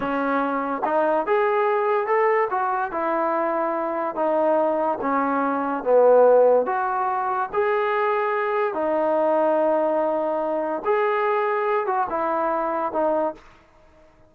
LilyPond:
\new Staff \with { instrumentName = "trombone" } { \time 4/4 \tempo 4 = 144 cis'2 dis'4 gis'4~ | gis'4 a'4 fis'4 e'4~ | e'2 dis'2 | cis'2 b2 |
fis'2 gis'2~ | gis'4 dis'2.~ | dis'2 gis'2~ | gis'8 fis'8 e'2 dis'4 | }